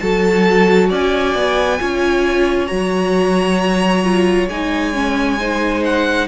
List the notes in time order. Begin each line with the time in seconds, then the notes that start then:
0.00 F#3 F#4 A4 A5
0.89 C#4 D5 G#5
1.35 B3
1.79 C#4 F4 C#5
2.68 F#3 F#4 A#5
4.04 F4
4.48 G#3 D#4 G#5
4.94 C#4
5.39 D#4 C5
5.85 F#5